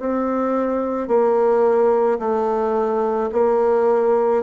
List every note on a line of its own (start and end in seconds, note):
0.00 1.08 C4
1.08 2.19 A#3
2.19 3.30 A3
3.33 4.43 A#3